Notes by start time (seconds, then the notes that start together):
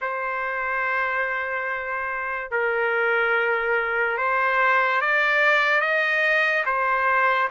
0.01 C5
2.50 A#4
4.17 C5
5.01 D5
5.80 D#5
6.65 C5